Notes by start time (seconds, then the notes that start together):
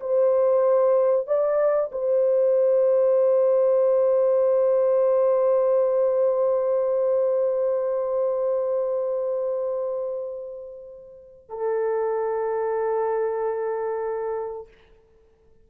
0.00 C5
1.26 D5
1.91 C5
11.48 A4